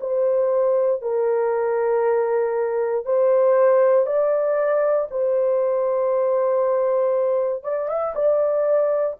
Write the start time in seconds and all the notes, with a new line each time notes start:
0.00 C5
1.02 A#4
3.05 C5
4.06 D5
5.10 C5
7.63 D5
7.89 E5
8.15 D5